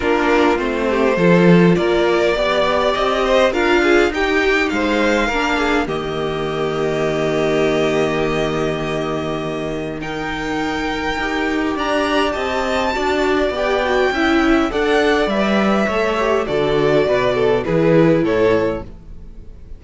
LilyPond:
<<
  \new Staff \with { instrumentName = "violin" } { \time 4/4 \tempo 4 = 102 ais'4 c''2 d''4~ | d''4 dis''4 f''4 g''4 | f''2 dis''2~ | dis''1~ |
dis''4 g''2. | ais''4 a''2 g''4~ | g''4 fis''4 e''2 | d''2 b'4 cis''4 | }
  \new Staff \with { instrumentName = "violin" } { \time 4/4 f'4. g'8 a'4 ais'4 | d''4. c''8 ais'8 gis'8 g'4 | c''4 ais'8 gis'8 g'2~ | g'1~ |
g'4 ais'2. | d''4 dis''4 d''2 | e''4 d''2 cis''4 | a'4 b'8 a'8 gis'4 a'4 | }
  \new Staff \with { instrumentName = "viola" } { \time 4/4 d'4 c'4 f'2 | g'2 f'4 dis'4~ | dis'4 d'4 ais2~ | ais1~ |
ais4 dis'2 g'4~ | g'2 fis'4 g'8 fis'8 | e'4 a'4 b'4 a'8 g'8 | fis'2 e'2 | }
  \new Staff \with { instrumentName = "cello" } { \time 4/4 ais4 a4 f4 ais4 | b4 c'4 d'4 dis'4 | gis4 ais4 dis2~ | dis1~ |
dis2. dis'4 | d'4 c'4 d'4 b4 | cis'4 d'4 g4 a4 | d4 b,4 e4 a,4 | }
>>